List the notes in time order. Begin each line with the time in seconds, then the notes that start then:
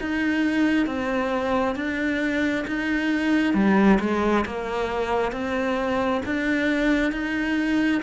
0.00 D#4
0.86 C4
1.75 D4
2.67 D#4
3.54 G3
4.00 G#3
4.46 A#3
5.32 C4
6.25 D4
7.12 D#4